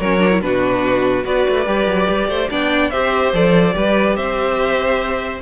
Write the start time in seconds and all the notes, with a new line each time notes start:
0.00 F#3 C#4 A#4 C#5
0.20 D4
0.31 E4
0.42 B2 D4 F#4 B4
1.24 B3 F#4 B4 D5
1.50 A3
1.66 G3 G4
1.87 F#3
2.09 G3
2.29 A3 C5
2.50 B3 D4 D5 G5
2.91 C4 G4 C5 E5
3.33 F3 A4 D5
3.73 G3 G4 B4
4.16 C4 C5 E5